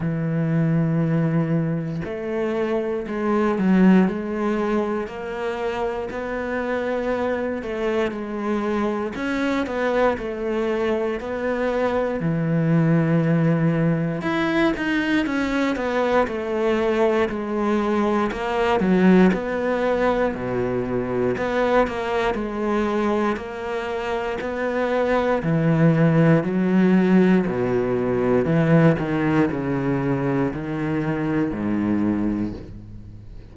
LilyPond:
\new Staff \with { instrumentName = "cello" } { \time 4/4 \tempo 4 = 59 e2 a4 gis8 fis8 | gis4 ais4 b4. a8 | gis4 cis'8 b8 a4 b4 | e2 e'8 dis'8 cis'8 b8 |
a4 gis4 ais8 fis8 b4 | b,4 b8 ais8 gis4 ais4 | b4 e4 fis4 b,4 | e8 dis8 cis4 dis4 gis,4 | }